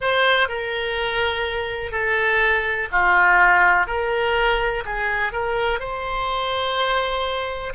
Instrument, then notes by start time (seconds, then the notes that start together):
oboe
0.00 C5
0.48 A#4
1.91 A4
2.91 F4
3.87 A#4
4.85 G#4
5.32 A#4
5.79 C5